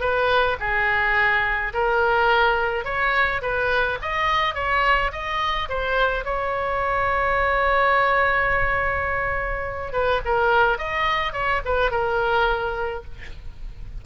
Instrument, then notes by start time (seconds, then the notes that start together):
oboe
0.00 B4
0.59 G#4
1.73 A#4
2.84 C#5
3.41 B4
4.02 D#5
4.54 C#5
5.12 D#5
5.69 C5
6.24 C#5
9.92 B4
10.25 A#4
10.78 D#5
11.32 C#5
11.65 B4
11.90 A#4